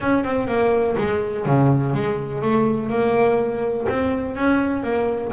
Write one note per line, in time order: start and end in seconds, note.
0.00 0.24 C#4
0.24 0.47 C4
0.47 0.95 A#3
0.97 1.45 G#3
1.45 1.93 C#3
1.93 2.41 G#3
2.41 2.89 A3
2.89 3.86 A#3
3.88 4.35 C4
4.35 4.83 C#4
4.83 5.31 A#3